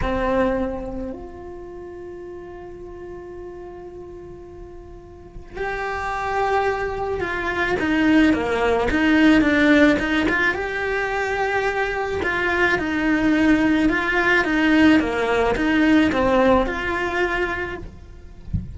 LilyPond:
\new Staff \with { instrumentName = "cello" } { \time 4/4 \tempo 4 = 108 c'2 f'2~ | f'1~ | f'2 g'2~ | g'4 f'4 dis'4 ais4 |
dis'4 d'4 dis'8 f'8 g'4~ | g'2 f'4 dis'4~ | dis'4 f'4 dis'4 ais4 | dis'4 c'4 f'2 | }